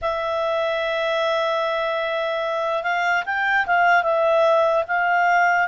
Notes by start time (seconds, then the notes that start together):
0.01 E5
2.83 F5
3.25 G5
3.66 F5
4.03 E5
4.87 F5